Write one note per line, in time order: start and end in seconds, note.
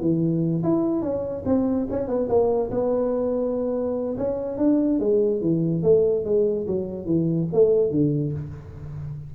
0.00 0.62 E3
0.63 1.02 E4
1.02 1.43 C#4
1.45 1.87 C4
1.90 2.07 C#4
2.07 2.28 B3
2.28 2.70 A#3
2.70 4.16 B3
4.17 4.58 C#4
4.58 4.99 D4
5.00 5.41 G#3
5.41 5.83 E3
5.83 6.24 A3
6.24 6.66 G#3
6.67 7.05 F#3
7.05 7.47 E3
7.53 7.91 A3
7.91 8.32 D3